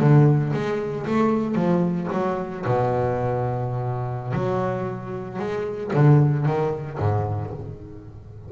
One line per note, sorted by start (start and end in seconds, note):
0.00 0.53 D3
0.54 1.06 G#3
1.07 1.56 A3
1.56 2.08 F3
2.13 2.65 F#3
2.66 4.34 B2
4.34 5.39 F#3
5.39 5.92 G#3
5.94 6.46 D3
6.46 6.99 D#3
6.99 7.52 G#2